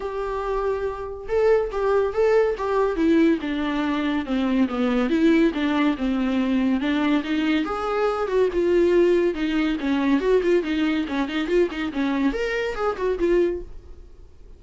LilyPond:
\new Staff \with { instrumentName = "viola" } { \time 4/4 \tempo 4 = 141 g'2. a'4 | g'4 a'4 g'4 e'4 | d'2 c'4 b4 | e'4 d'4 c'2 |
d'4 dis'4 gis'4. fis'8 | f'2 dis'4 cis'4 | fis'8 f'8 dis'4 cis'8 dis'8 f'8 dis'8 | cis'4 ais'4 gis'8 fis'8 f'4 | }